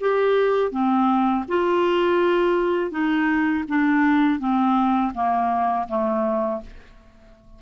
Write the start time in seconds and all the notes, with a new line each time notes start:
0.00 G4
0.72 C4
1.48 F4
2.91 D#4
3.68 D4
4.39 C4
5.14 A#3
5.88 A3